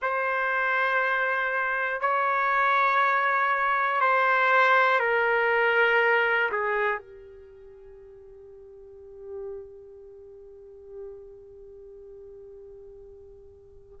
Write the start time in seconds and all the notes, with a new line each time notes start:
0.02 C5
2.00 C#5
4.00 C5
5.00 A#4
6.51 G#4
6.98 G4